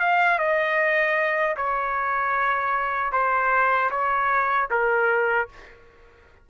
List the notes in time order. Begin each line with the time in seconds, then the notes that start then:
0.00 F5
0.39 D#5
1.57 C#5
3.12 C5
3.91 C#5
4.71 A#4